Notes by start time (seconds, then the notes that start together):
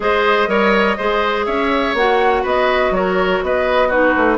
0.00 G#3 G#4 C5 D#5
0.47 G3 A#4 C#5
0.97 G#3 G#4 C5
1.45 C#4 C#5 E5
1.94 A#3 F#4 F#5
2.43 B3 B4 D#5
2.91 F#3 A#4 C#5
3.42 B3 B4 D#5
3.88 D#4 F#4 B4
4.16 A3